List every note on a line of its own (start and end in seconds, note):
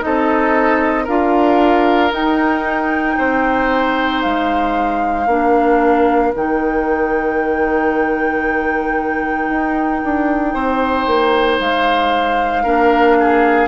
0.00 1.08 C4
0.00 1.05 D#4
0.00 1.04 A4
0.00 1.07 D#5
1.04 2.12 D4
1.04 2.11 F4
1.04 3.15 A#4
1.04 2.13 F5
2.11 5.26 D#4
2.11 3.17 D#4
2.11 4.22 G5
3.18 4.24 C4
3.18 5.28 C5
4.22 5.27 G#3
4.22 6.33 F5
5.27 6.32 A#3
5.27 6.34 D4
5.27 10.54 A#4
6.36 9.50 D#3
6.36 12.65 D#4
6.36 11.61 G5
9.50 10.02 D#4
10.04 10.55 D4
10.54 11.07 C4
10.54 12.64 C5
11.07 11.60 A#3
11.60 12.65 G#3
11.60 13.68 F5
12.64 13.68 A#3
12.64 13.68 D4
12.64 13.16 A#4
13.20 13.68 G#4